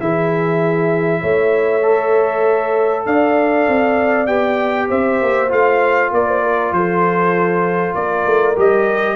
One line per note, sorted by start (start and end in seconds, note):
0.00 1.23 E3
0.00 1.82 E4
0.00 1.21 G#4
0.00 3.06 E5
1.21 3.06 A3
1.21 3.05 C#5
1.82 4.27 A4
3.06 3.67 D4
3.06 4.88 D5
3.06 4.26 F5
3.68 4.28 C4
4.26 4.89 B3
4.26 5.49 G4
4.26 4.88 G5
4.88 5.21 C4
4.88 6.10 C5
4.88 5.52 E5
5.22 5.51 A#3
5.49 6.12 A3
5.49 8.55 F4
5.49 6.13 F5
6.12 6.72 A#3
6.12 6.27 A#4
6.12 6.73 D5
6.27 6.42 C5
6.43 6.74 A#4
6.72 7.94 F3
6.72 7.98 A4
6.72 7.95 C5
7.95 8.26 A#3
7.95 9.16 A#4
7.95 8.56 D5
8.26 8.57 A3
8.56 9.16 G3
8.56 9.16 G4
8.56 9.16 D#5